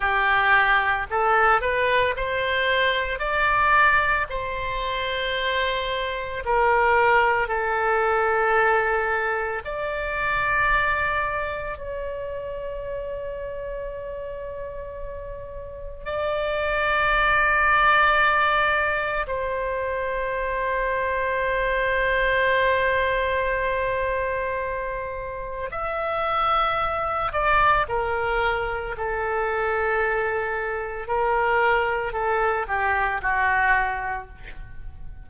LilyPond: \new Staff \with { instrumentName = "oboe" } { \time 4/4 \tempo 4 = 56 g'4 a'8 b'8 c''4 d''4 | c''2 ais'4 a'4~ | a'4 d''2 cis''4~ | cis''2. d''4~ |
d''2 c''2~ | c''1 | e''4. d''8 ais'4 a'4~ | a'4 ais'4 a'8 g'8 fis'4 | }